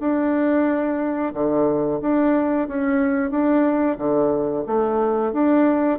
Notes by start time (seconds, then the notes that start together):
0.00 D4
1.34 D3
2.01 D4
2.68 C#4
3.31 D4
3.98 D3
4.67 A3
5.33 D4